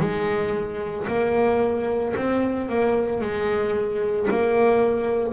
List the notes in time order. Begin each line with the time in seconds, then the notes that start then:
0.00 G#3
1.08 A#3
2.16 C4
2.69 A#3
3.21 G#3
4.31 A#3